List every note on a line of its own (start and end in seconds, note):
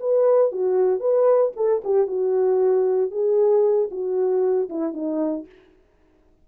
0.00 0.52 B4
0.52 1.00 F#4
1.00 1.52 B4
1.57 1.83 A4
1.85 2.07 G4
2.07 3.11 F#4
3.11 3.89 G#4
3.91 4.70 F#4
4.70 4.94 E4
4.94 5.46 D#4